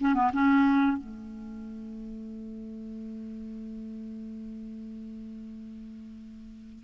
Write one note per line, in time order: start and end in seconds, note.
0.00 0.15 C#4
0.15 0.31 B3
0.33 0.97 C#4
0.97 6.83 A3